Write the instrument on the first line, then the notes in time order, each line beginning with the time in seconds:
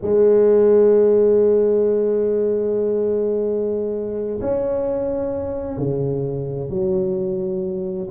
tuba
0.01 G#3
4.41 C#4
5.77 C#3
6.69 F#3